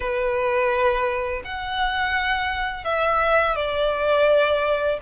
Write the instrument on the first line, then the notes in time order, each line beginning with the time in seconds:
violin
0.00 B4
1.44 F#5
2.84 E5
3.55 D5